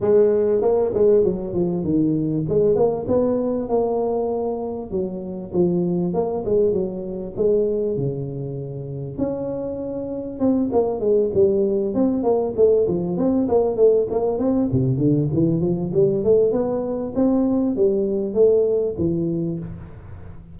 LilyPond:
\new Staff \with { instrumentName = "tuba" } { \time 4/4 \tempo 4 = 98 gis4 ais8 gis8 fis8 f8 dis4 | gis8 ais8 b4 ais2 | fis4 f4 ais8 gis8 fis4 | gis4 cis2 cis'4~ |
cis'4 c'8 ais8 gis8 g4 c'8 | ais8 a8 f8 c'8 ais8 a8 ais8 c'8 | c8 d8 e8 f8 g8 a8 b4 | c'4 g4 a4 e4 | }